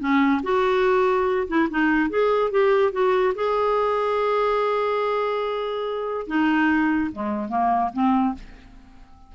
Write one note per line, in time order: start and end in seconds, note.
0.00 0.42 C#4
0.43 1.48 F#4
1.48 1.69 E4
1.70 2.10 D#4
2.10 2.52 G#4
2.52 2.92 G4
2.92 3.34 F#4
3.35 6.27 G#4
6.27 7.11 D#4
7.12 7.49 G#3
7.49 7.91 A#3
7.93 8.35 C4